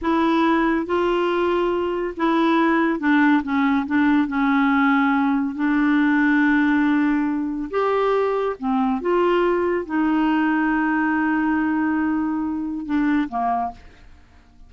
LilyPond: \new Staff \with { instrumentName = "clarinet" } { \time 4/4 \tempo 4 = 140 e'2 f'2~ | f'4 e'2 d'4 | cis'4 d'4 cis'2~ | cis'4 d'2.~ |
d'2 g'2 | c'4 f'2 dis'4~ | dis'1~ | dis'2 d'4 ais4 | }